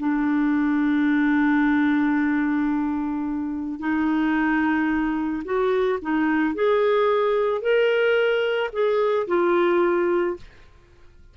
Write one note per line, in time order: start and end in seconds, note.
0.00 3.80 D4
3.80 5.43 D#4
5.45 6.00 F#4
6.02 6.55 D#4
6.55 7.62 G#4
7.62 8.71 A#4
8.73 9.28 G#4
9.28 10.37 F4